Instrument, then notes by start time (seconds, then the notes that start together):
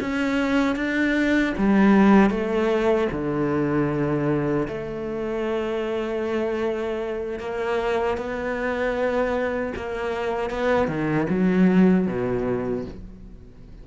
cello
0.00 C#4
0.76 D4
1.57 G3
2.30 A3
3.11 D3
4.68 A3
7.39 A#3
8.17 B3
9.76 A#3
10.50 B3
10.88 D#3
11.29 F#3
12.07 B2